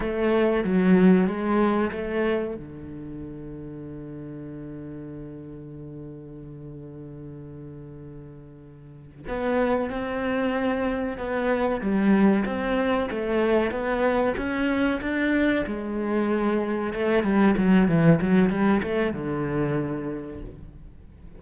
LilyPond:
\new Staff \with { instrumentName = "cello" } { \time 4/4 \tempo 4 = 94 a4 fis4 gis4 a4 | d1~ | d1~ | d2~ d8 b4 c'8~ |
c'4. b4 g4 c'8~ | c'8 a4 b4 cis'4 d'8~ | d'8 gis2 a8 g8 fis8 | e8 fis8 g8 a8 d2 | }